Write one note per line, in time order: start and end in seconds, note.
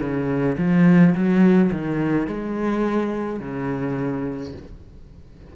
0.00 0.57 C#3
0.58 1.14 F3
1.15 1.71 F#3
1.72 2.27 D#3
2.27 3.40 G#3
3.40 4.53 C#3